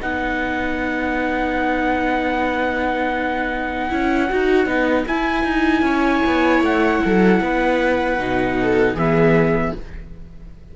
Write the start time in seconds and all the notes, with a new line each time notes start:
0.00 B3 D#4 B4 F#5
3.89 C#4 E4
4.29 D#4 F#4
4.66 B3 D#4
5.07 E4 G#5
5.44 D#4
5.82 C#4 C#5
6.26 B3
6.62 A3 F#5
7.05 F#3 A4
7.41 B3 B4
8.19 B2 D#4
8.62 A4
8.94 E3 B3 G#4 E5